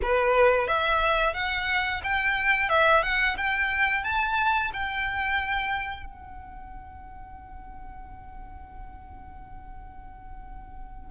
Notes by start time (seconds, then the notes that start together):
0.02 B4
0.67 E5
1.33 F#5
2.03 G5
2.69 E5
3.02 F#5
3.37 G5
4.03 A5
4.73 G5
6.06 F#5